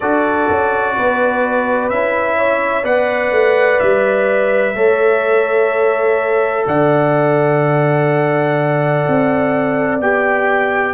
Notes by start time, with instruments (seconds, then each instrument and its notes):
0.00 tuba D4, trombone F#4, horn A4, trumpet D5
0.49 tuba C#4
0.96 tuba B3, horn B4
1.89 tuba C#4, trombone E4, trumpet E5
2.37 horn C#5
2.84 tuba B3, trombone B4, horn D5, trumpet F#5
3.31 tuba A3
3.79 tuba G3, trumpet E5
4.74 tuba A3, trombone A4, horn C#5
6.66 tuba D3, horn D5, trumpet F#5
9.07 tuba C4
9.99 tuba B3, trombone G4, trumpet G5